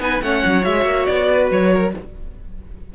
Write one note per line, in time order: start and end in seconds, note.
0.00 0.21 B3
0.00 0.22 D#4
0.00 0.24 B4
0.00 0.23 G#5
0.23 0.44 A3
0.23 0.63 C#4
0.23 1.32 C#5
0.23 0.65 F#5
0.46 0.67 F#3
0.63 0.85 G#3
0.63 1.91 F#4
0.63 1.06 E5
0.85 1.06 A#3
1.06 1.51 B3
1.06 1.49 D5
1.32 1.74 B4
1.51 1.94 F#3
1.51 1.95 C#5
1.74 1.95 A#4